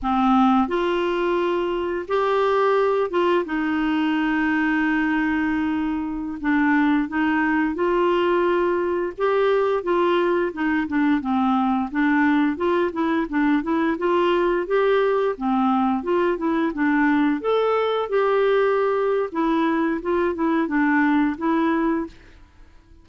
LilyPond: \new Staff \with { instrumentName = "clarinet" } { \time 4/4 \tempo 4 = 87 c'4 f'2 g'4~ | g'8 f'8 dis'2.~ | dis'4~ dis'16 d'4 dis'4 f'8.~ | f'4~ f'16 g'4 f'4 dis'8 d'16~ |
d'16 c'4 d'4 f'8 e'8 d'8 e'16~ | e'16 f'4 g'4 c'4 f'8 e'16~ | e'16 d'4 a'4 g'4.~ g'16 | e'4 f'8 e'8 d'4 e'4 | }